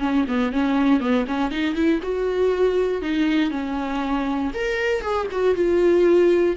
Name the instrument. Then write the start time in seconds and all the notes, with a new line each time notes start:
viola
0.00 C#4
0.28 B3
0.52 C#4
1.01 B3
1.27 C#4
1.51 D#4
1.75 E4
2.03 F#4
3.02 D#4
3.51 C#4
4.54 A#4
5.02 G#4
5.31 F#4
5.55 F4